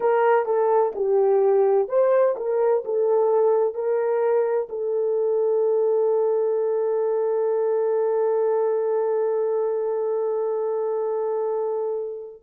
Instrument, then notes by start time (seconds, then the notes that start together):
horn
0.00 A#4
0.45 A4
0.95 G4
1.88 C5
2.36 A#4
2.85 A4
3.74 A#4
4.69 A4